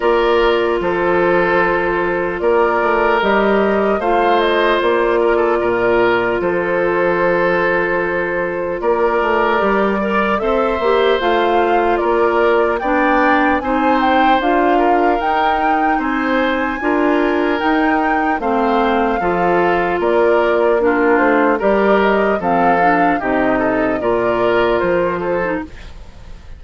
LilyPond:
<<
  \new Staff \with { instrumentName = "flute" } { \time 4/4 \tempo 4 = 75 d''4 c''2 d''4 | dis''4 f''8 dis''8 d''2 | c''2. d''4~ | d''4 e''4 f''4 d''4 |
g''4 gis''8 g''8 f''4 g''4 | gis''2 g''4 f''4~ | f''4 d''4 ais'8 c''8 d''8 dis''8 | f''4 dis''4 d''4 c''4 | }
  \new Staff \with { instrumentName = "oboe" } { \time 4/4 ais'4 a'2 ais'4~ | ais'4 c''4. ais'16 a'16 ais'4 | a'2. ais'4~ | ais'8 d''8 c''2 ais'4 |
d''4 c''4. ais'4. | c''4 ais'2 c''4 | a'4 ais'4 f'4 ais'4 | a'4 g'8 a'8 ais'4. a'8 | }
  \new Staff \with { instrumentName = "clarinet" } { \time 4/4 f'1 | g'4 f'2.~ | f'1 | g'8 ais'8 a'8 g'8 f'2 |
d'4 dis'4 f'4 dis'4~ | dis'4 f'4 dis'4 c'4 | f'2 d'4 g'4 | c'8 d'8 dis'4 f'4.~ f'16 dis'16 | }
  \new Staff \with { instrumentName = "bassoon" } { \time 4/4 ais4 f2 ais8 a8 | g4 a4 ais4 ais,4 | f2. ais8 a8 | g4 c'8 ais8 a4 ais4 |
b4 c'4 d'4 dis'4 | c'4 d'4 dis'4 a4 | f4 ais4. a8 g4 | f4 c4 ais,4 f4 | }
>>